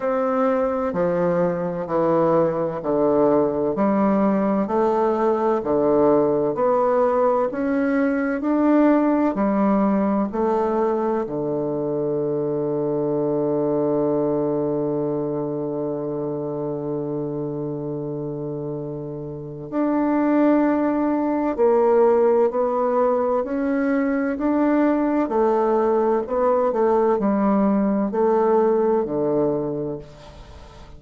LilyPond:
\new Staff \with { instrumentName = "bassoon" } { \time 4/4 \tempo 4 = 64 c'4 f4 e4 d4 | g4 a4 d4 b4 | cis'4 d'4 g4 a4 | d1~ |
d1~ | d4 d'2 ais4 | b4 cis'4 d'4 a4 | b8 a8 g4 a4 d4 | }